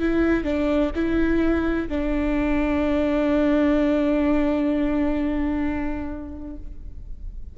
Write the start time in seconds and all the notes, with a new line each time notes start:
0.00 E4
0.44 D4
0.95 E4
1.88 D4